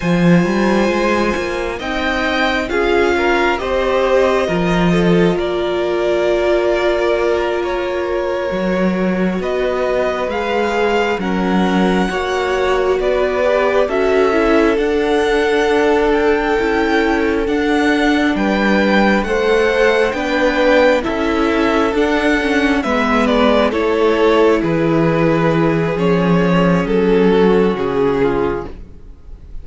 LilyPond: <<
  \new Staff \with { instrumentName = "violin" } { \time 4/4 \tempo 4 = 67 gis''2 g''4 f''4 | dis''2 d''2~ | d''8 cis''2 dis''4 f''8~ | f''8 fis''2 d''4 e''8~ |
e''8 fis''4. g''4. fis''8~ | fis''8 g''4 fis''4 g''4 e''8~ | e''8 fis''4 e''8 d''8 cis''4 b'8~ | b'4 cis''4 a'4 gis'4 | }
  \new Staff \with { instrumentName = "violin" } { \time 4/4 c''2 dis''4 gis'8 ais'8 | c''4 ais'8 a'8 ais'2~ | ais'2~ ais'8 b'4.~ | b'8 ais'4 cis''4 b'4 a'8~ |
a'1~ | a'8 b'4 c''4 b'4 a'8~ | a'4. b'4 a'4 gis'8~ | gis'2~ gis'8 fis'4 f'8 | }
  \new Staff \with { instrumentName = "viola" } { \time 4/4 f'2 dis'4 f'4 | g'4 f'2.~ | f'4. fis'2 gis'8~ | gis'8 cis'4 fis'4. g'8 fis'8 |
e'8 d'2 e'4 d'8~ | d'4. a'4 d'4 e'8~ | e'8 d'8 cis'8 b4 e'4.~ | e'4 cis'2. | }
  \new Staff \with { instrumentName = "cello" } { \time 4/4 f8 g8 gis8 ais8 c'4 cis'4 | c'4 f4 ais2~ | ais4. fis4 b4 gis8~ | gis8 fis4 ais4 b4 cis'8~ |
cis'8 d'2 cis'4 d'8~ | d'8 g4 a4 b4 cis'8~ | cis'8 d'4 gis4 a4 e8~ | e4 f4 fis4 cis4 | }
>>